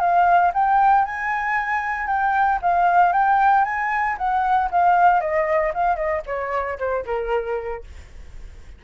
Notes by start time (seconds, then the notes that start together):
0.00 F5
0.54 G5
1.05 G#5
2.08 G5
2.62 F5
3.13 G5
3.65 G#5
4.18 F#5
4.71 F5
5.21 D#5
5.75 F5
5.96 D#5
6.26 C#5
6.79 C5
7.06 A#4